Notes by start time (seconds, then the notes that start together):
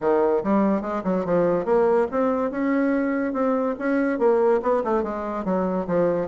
0.00 D#3
0.43 G3
0.81 G#3
1.04 F#3
1.25 F3
1.65 A#3
2.11 C4
2.50 C#4
3.33 C4
3.78 C#4
4.18 A#3
4.62 B3
4.83 A3
5.03 G#3
5.45 F#3
5.87 F3